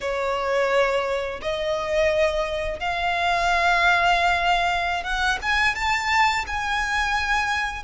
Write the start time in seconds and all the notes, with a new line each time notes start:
0.00 C#5
1.41 D#5
2.79 F5
5.03 F#5
5.42 G#5
5.75 A5
6.47 G#5